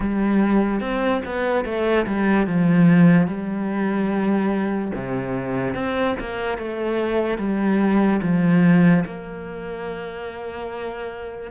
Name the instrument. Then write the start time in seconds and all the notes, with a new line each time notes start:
cello
0.00 G3
0.80 C4
1.25 B3
1.64 A3
2.06 G3
2.46 F3
3.27 G3
4.94 C3
5.74 C4
6.19 A#3
6.58 A3
7.37 G3
8.22 F3
9.04 A#3